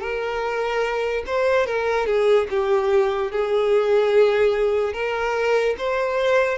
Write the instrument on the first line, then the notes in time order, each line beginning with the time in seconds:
violin
0.00 A#4
1.26 C5
1.66 A#4
2.06 G#4
2.50 G4
3.31 G#4
4.93 A#4
5.78 C5